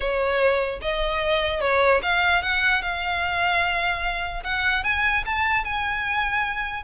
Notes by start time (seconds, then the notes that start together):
0.00 C#5
0.81 D#5
1.61 C#5
2.02 F5
2.42 F#5
2.82 F5
4.43 F#5
4.83 G#5
5.25 A5
5.64 G#5